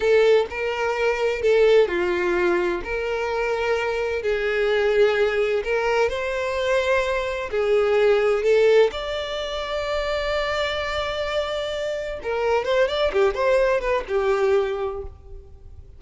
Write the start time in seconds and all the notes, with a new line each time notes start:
0.00 A4
0.50 A#4
1.42 A4
1.87 F4
2.84 A#4
4.22 G#4
5.64 A#4
6.09 C5
7.50 G#4
8.43 A4
8.91 D5
12.23 A#4
12.65 C5
12.88 D5
13.12 G4
13.34 C5
13.80 B4
14.08 G4